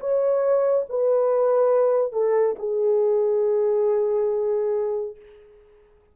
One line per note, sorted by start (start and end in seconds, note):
0.00 0.86 C#5
0.90 2.13 B4
2.13 2.56 A4
2.59 5.16 G#4